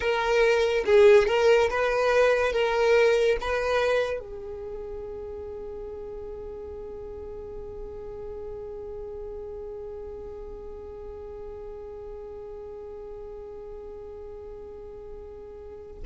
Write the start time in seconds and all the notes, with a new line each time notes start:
0.00 A#4
0.85 G#4
1.27 A#4
1.70 B4
2.52 A#4
3.40 B4
4.19 G#4